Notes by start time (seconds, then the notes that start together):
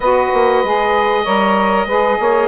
0.00 B3 F#4 B4 D#5
0.33 A#3
0.63 G#3 G#4
1.23 G3 A#4 C#5
1.85 G#3 G#4 B4
2.19 A#3 C#5